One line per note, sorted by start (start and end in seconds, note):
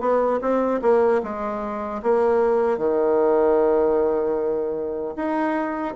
0.00 0.39 B3
0.41 0.80 C4
0.82 1.21 A#3
1.23 2.02 G#3
2.03 2.78 A#3
2.78 5.15 D#3
5.16 5.95 D#4